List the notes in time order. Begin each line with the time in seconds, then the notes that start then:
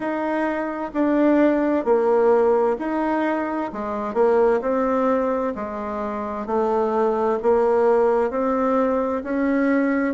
0.00 D#4
0.93 D4
1.84 A#3
2.78 D#4
3.72 G#3
4.14 A#3
4.61 C4
5.55 G#3
6.46 A3
7.42 A#3
8.30 C4
9.23 C#4